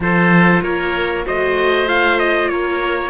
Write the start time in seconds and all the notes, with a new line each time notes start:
0.00 F3 F4 A4 C5
0.62 A#3 A#4 C#5
1.24 A3 F#4 C5 D#5
1.86 F4 F5
2.19 D#5
2.48 A#3 A#4 C#5